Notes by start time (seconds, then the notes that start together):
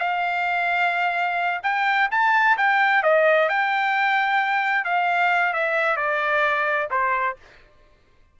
0.00 F5
1.63 G5
2.11 A5
2.57 G5
3.03 D#5
3.49 G5
4.84 F5
5.53 E5
5.96 D5
6.90 C5